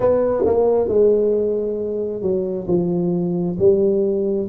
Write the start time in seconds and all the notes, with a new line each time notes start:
0.00 B3
0.45 A#3
0.88 G#3
2.21 F#3
2.67 F3
3.58 G3